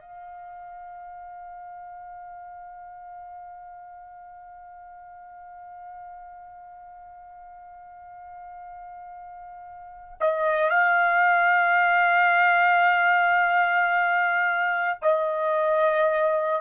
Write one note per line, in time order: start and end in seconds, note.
0.00 10.18 F5
10.20 10.70 D#5
10.70 14.99 F5
15.01 16.61 D#5